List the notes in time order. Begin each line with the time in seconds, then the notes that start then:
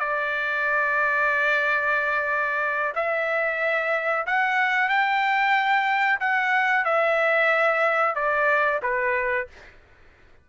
0.00 D5
2.96 E5
4.27 F#5
4.89 G5
6.20 F#5
6.85 E5
8.16 D5
8.83 B4